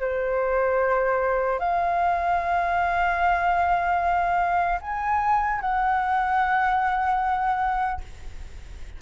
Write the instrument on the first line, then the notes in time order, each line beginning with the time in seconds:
flute
0.00 C5
1.59 F5
4.81 G#5
5.60 F#5